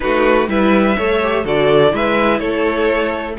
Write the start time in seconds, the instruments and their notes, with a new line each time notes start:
0.00 cello A3, viola D#4, violin F#4 B4
0.48 cello G3, viola E4, violin B4 E5
0.96 cello A3, viola A4, violin C#5
1.22 viola G4
1.44 cello D3, viola F#4, violin A4 D5
1.89 cello G#3, viola E4, violin B4 E5
2.39 cello A3, violin A4 C#5